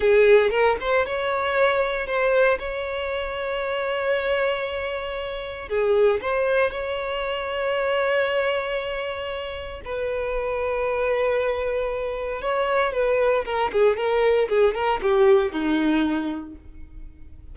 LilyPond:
\new Staff \with { instrumentName = "violin" } { \time 4/4 \tempo 4 = 116 gis'4 ais'8 c''8 cis''2 | c''4 cis''2.~ | cis''2. gis'4 | c''4 cis''2.~ |
cis''2. b'4~ | b'1 | cis''4 b'4 ais'8 gis'8 ais'4 | gis'8 ais'8 g'4 dis'2 | }